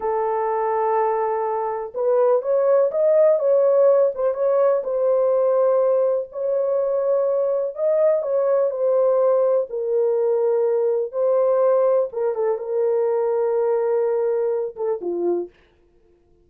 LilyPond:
\new Staff \with { instrumentName = "horn" } { \time 4/4 \tempo 4 = 124 a'1 | b'4 cis''4 dis''4 cis''4~ | cis''8 c''8 cis''4 c''2~ | c''4 cis''2. |
dis''4 cis''4 c''2 | ais'2. c''4~ | c''4 ais'8 a'8 ais'2~ | ais'2~ ais'8 a'8 f'4 | }